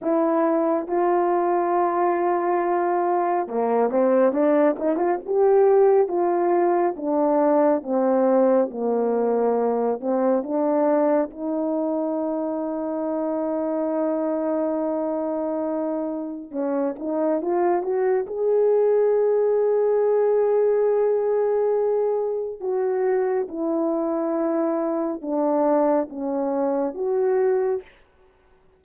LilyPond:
\new Staff \with { instrumentName = "horn" } { \time 4/4 \tempo 4 = 69 e'4 f'2. | ais8 c'8 d'8 dis'16 f'16 g'4 f'4 | d'4 c'4 ais4. c'8 | d'4 dis'2.~ |
dis'2. cis'8 dis'8 | f'8 fis'8 gis'2.~ | gis'2 fis'4 e'4~ | e'4 d'4 cis'4 fis'4 | }